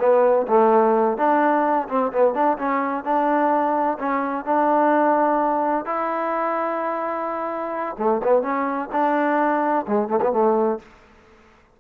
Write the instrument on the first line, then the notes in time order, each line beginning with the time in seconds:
trombone
0.00 B3
0.48 A3
1.18 D4
1.89 C4
2.13 B3
2.35 D4
2.59 C#4
3.05 D4
3.99 C#4
4.45 D4
5.86 E4
7.99 A3
8.24 B3
8.43 C#4
8.93 D4
9.88 G#3
10.09 A3
10.22 B3
10.33 A3